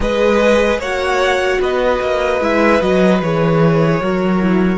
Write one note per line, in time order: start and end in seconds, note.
0.00 0.78 G#3
0.00 0.82 G#4
0.00 0.79 B4
0.00 0.80 D#5
0.78 1.58 A#3
0.78 2.41 F#4
0.78 1.59 C#5
0.78 1.61 F#5
1.59 1.99 B3
1.59 4.01 B4
1.59 2.42 D#5
2.00 2.40 A#3
2.40 2.80 G#3
2.40 2.80 E4
2.40 2.81 E5
2.80 3.21 F#3
2.80 3.20 F#4
2.80 3.21 D#5
3.21 4.01 E3
3.21 4.01 G#4
3.21 4.77 C#5
4.01 4.77 F#3
4.01 4.41 F#4
4.01 4.77 A#4
4.41 4.77 E4